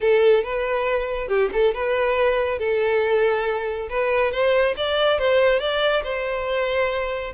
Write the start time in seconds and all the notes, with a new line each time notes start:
0.00 A4
0.43 B4
1.28 G4
1.52 A4
1.73 B4
2.58 A4
3.89 B4
4.31 C5
4.76 D5
5.18 C5
5.59 D5
6.03 C5